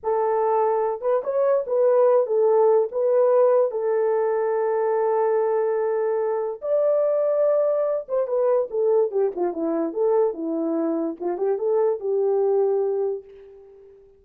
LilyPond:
\new Staff \with { instrumentName = "horn" } { \time 4/4 \tempo 4 = 145 a'2~ a'8 b'8 cis''4 | b'4. a'4. b'4~ | b'4 a'2.~ | a'1 |
d''2.~ d''8 c''8 | b'4 a'4 g'8 f'8 e'4 | a'4 e'2 f'8 g'8 | a'4 g'2. | }